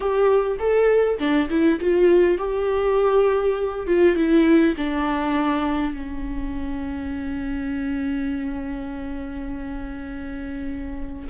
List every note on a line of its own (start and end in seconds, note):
0.00 0.57 G4
0.59 1.18 A4
1.19 1.48 D4
1.49 1.79 E4
1.80 2.38 F4
2.38 3.86 G4
3.86 4.16 F4
4.16 4.75 E4
4.77 5.93 D4
5.93 11.28 C#4